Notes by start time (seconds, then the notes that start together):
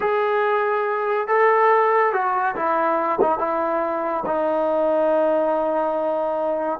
0.00 G#4
1.27 A4
2.12 F#4
2.55 E4
3.21 D#4
3.38 E4
4.26 D#4